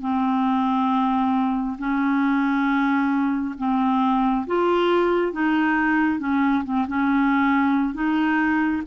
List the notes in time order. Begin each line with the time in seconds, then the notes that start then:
0.00 C4
1.78 C#4
3.58 C4
4.46 F4
5.32 D#4
6.19 C#4
6.64 C4
6.87 C#4
7.94 D#4